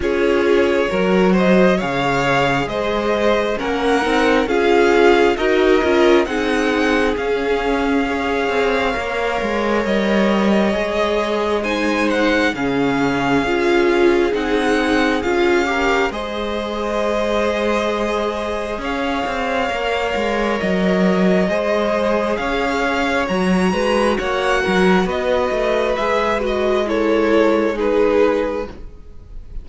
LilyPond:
<<
  \new Staff \with { instrumentName = "violin" } { \time 4/4 \tempo 4 = 67 cis''4. dis''8 f''4 dis''4 | fis''4 f''4 dis''4 fis''4 | f''2. dis''4~ | dis''4 gis''8 fis''8 f''2 |
fis''4 f''4 dis''2~ | dis''4 f''2 dis''4~ | dis''4 f''4 ais''4 fis''4 | dis''4 e''8 dis''8 cis''4 b'4 | }
  \new Staff \with { instrumentName = "violin" } { \time 4/4 gis'4 ais'8 c''8 cis''4 c''4 | ais'4 gis'4 ais'4 gis'4~ | gis'4 cis''2.~ | cis''4 c''4 gis'2~ |
gis'4. ais'8 c''2~ | c''4 cis''2. | c''4 cis''4. b'8 cis''8 ais'8 | b'2 a'4 gis'4 | }
  \new Staff \with { instrumentName = "viola" } { \time 4/4 f'4 fis'4 gis'2 | cis'8 dis'8 f'4 fis'8 f'8 dis'4 | cis'4 gis'4 ais'2 | gis'4 dis'4 cis'4 f'4 |
dis'4 f'8 g'8 gis'2~ | gis'2 ais'2 | gis'2 fis'2~ | fis'4 gis'8 fis'8 e'4 dis'4 | }
  \new Staff \with { instrumentName = "cello" } { \time 4/4 cis'4 fis4 cis4 gis4 | ais8 c'8 cis'4 dis'8 cis'8 c'4 | cis'4. c'8 ais8 gis8 g4 | gis2 cis4 cis'4 |
c'4 cis'4 gis2~ | gis4 cis'8 c'8 ais8 gis8 fis4 | gis4 cis'4 fis8 gis8 ais8 fis8 | b8 a8 gis2. | }
>>